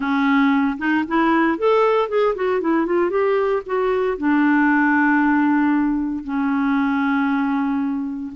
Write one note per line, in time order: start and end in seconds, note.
0.00 0.77 C#4
0.78 1.04 D#4
1.07 1.57 E4
1.57 2.08 A4
2.08 2.35 G#4
2.35 2.60 F#4
2.60 2.86 E4
2.86 3.10 F4
3.10 3.62 G4
3.66 4.17 F#4
4.17 6.24 D4
6.24 8.32 C#4